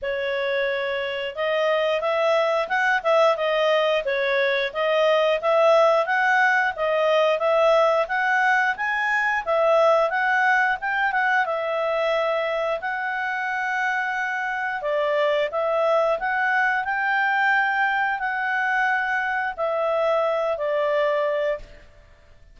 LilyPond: \new Staff \with { instrumentName = "clarinet" } { \time 4/4 \tempo 4 = 89 cis''2 dis''4 e''4 | fis''8 e''8 dis''4 cis''4 dis''4 | e''4 fis''4 dis''4 e''4 | fis''4 gis''4 e''4 fis''4 |
g''8 fis''8 e''2 fis''4~ | fis''2 d''4 e''4 | fis''4 g''2 fis''4~ | fis''4 e''4. d''4. | }